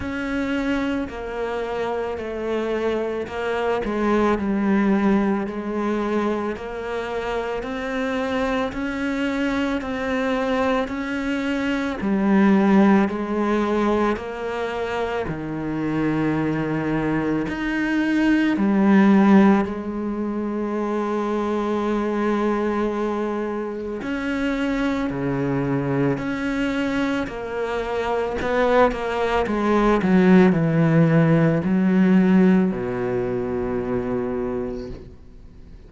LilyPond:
\new Staff \with { instrumentName = "cello" } { \time 4/4 \tempo 4 = 55 cis'4 ais4 a4 ais8 gis8 | g4 gis4 ais4 c'4 | cis'4 c'4 cis'4 g4 | gis4 ais4 dis2 |
dis'4 g4 gis2~ | gis2 cis'4 cis4 | cis'4 ais4 b8 ais8 gis8 fis8 | e4 fis4 b,2 | }